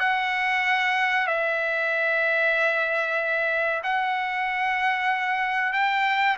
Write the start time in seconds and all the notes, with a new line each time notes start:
0.00 F#5
1.27 E5
3.83 F#5
5.73 G5